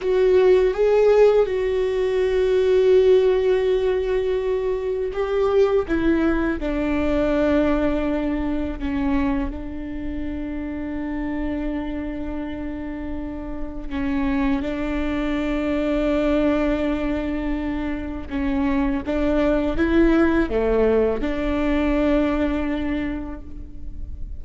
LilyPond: \new Staff \with { instrumentName = "viola" } { \time 4/4 \tempo 4 = 82 fis'4 gis'4 fis'2~ | fis'2. g'4 | e'4 d'2. | cis'4 d'2.~ |
d'2. cis'4 | d'1~ | d'4 cis'4 d'4 e'4 | a4 d'2. | }